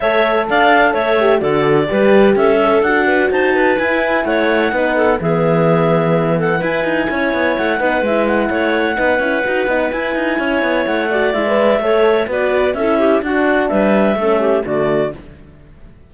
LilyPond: <<
  \new Staff \with { instrumentName = "clarinet" } { \time 4/4 \tempo 4 = 127 e''4 f''4 e''4 d''4~ | d''4 e''4 fis''4 a''4 | gis''4 fis''2 e''4~ | e''4. fis''8 gis''2 |
fis''4 e''8 fis''2~ fis''8~ | fis''4 gis''2 fis''4 | e''2 d''4 e''4 | fis''4 e''2 d''4 | }
  \new Staff \with { instrumentName = "clarinet" } { \time 4/4 cis''4 d''4 cis''4 a'4 | b'4 a'4. b'8 c''8 b'8~ | b'4 cis''4 b'8 a'8 gis'4~ | gis'4. a'8 b'4 cis''4~ |
cis''8 b'4. cis''4 b'4~ | b'2 cis''4. d''8~ | d''4 cis''4 b'4 a'8 g'8 | fis'4 b'4 a'8 g'8 fis'4 | }
  \new Staff \with { instrumentName = "horn" } { \time 4/4 a'2~ a'8 g'8 fis'4 | g'4. a'8 fis'2 | e'2 dis'4 b4~ | b2 e'2~ |
e'8 dis'8 e'2 dis'8 e'8 | fis'8 dis'8 e'2~ e'8 fis'8 | e'16 b'8. a'4 fis'4 e'4 | d'2 cis'4 a4 | }
  \new Staff \with { instrumentName = "cello" } { \time 4/4 a4 d'4 a4 d4 | g4 cis'4 d'4 dis'4 | e'4 a4 b4 e4~ | e2 e'8 dis'8 cis'8 b8 |
a8 b8 gis4 a4 b8 cis'8 | dis'8 b8 e'8 dis'8 cis'8 b8 a4 | gis4 a4 b4 cis'4 | d'4 g4 a4 d4 | }
>>